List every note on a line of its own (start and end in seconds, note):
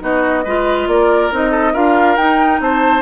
0.00 0.45 B3
0.00 0.43 D#4
0.00 0.44 F#4
0.00 0.89 D#5
0.44 0.87 G#3
0.44 1.32 F4
0.44 0.88 B4
0.87 1.30 A#3
0.87 1.51 A#4
0.87 1.32 D5
1.32 1.75 C4
1.32 1.74 D#4
1.32 1.75 D#5
1.51 1.73 A4
1.73 2.17 D4
1.73 2.17 F4
1.73 2.60 A#4
1.73 2.16 F5
2.16 2.60 D#4
2.16 3.02 D#4
2.16 2.60 G5
2.60 3.02 C4
2.60 3.02 C5
2.60 3.02 A5